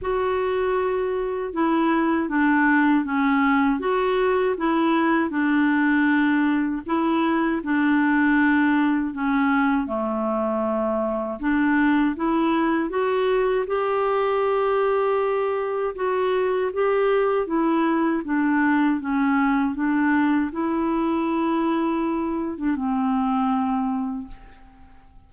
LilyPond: \new Staff \with { instrumentName = "clarinet" } { \time 4/4 \tempo 4 = 79 fis'2 e'4 d'4 | cis'4 fis'4 e'4 d'4~ | d'4 e'4 d'2 | cis'4 a2 d'4 |
e'4 fis'4 g'2~ | g'4 fis'4 g'4 e'4 | d'4 cis'4 d'4 e'4~ | e'4.~ e'16 d'16 c'2 | }